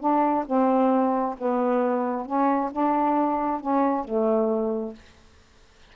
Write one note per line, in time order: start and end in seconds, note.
0.00 0.45 D4
0.47 1.36 C4
1.39 2.26 B3
2.26 2.71 C#4
2.72 3.61 D4
3.61 4.05 C#4
4.05 4.95 A3